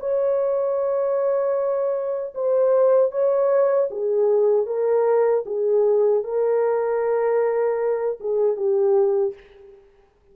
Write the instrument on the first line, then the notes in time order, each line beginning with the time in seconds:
horn
0.00 C#5
2.34 C5
3.11 C#5
3.91 G#4
4.66 A#4
5.46 G#4
6.24 A#4
8.20 G#4
8.56 G4